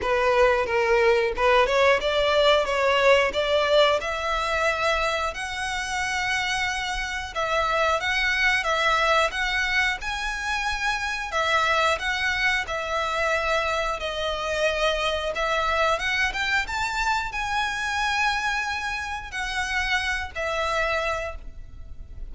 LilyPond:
\new Staff \with { instrumentName = "violin" } { \time 4/4 \tempo 4 = 90 b'4 ais'4 b'8 cis''8 d''4 | cis''4 d''4 e''2 | fis''2. e''4 | fis''4 e''4 fis''4 gis''4~ |
gis''4 e''4 fis''4 e''4~ | e''4 dis''2 e''4 | fis''8 g''8 a''4 gis''2~ | gis''4 fis''4. e''4. | }